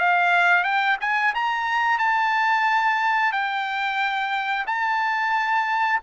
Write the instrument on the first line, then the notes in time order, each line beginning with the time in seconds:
trumpet
0.00 F5
0.64 G5
1.01 G#5
1.35 A#5
1.99 A5
3.32 G5
4.67 A5